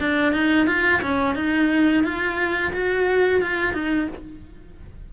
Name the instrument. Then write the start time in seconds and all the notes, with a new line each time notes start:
cello
0.00 D4
0.33 D#4
0.67 F4
1.02 C#4
1.35 D#4
2.03 F4
2.73 F#4
3.41 F4
3.73 D#4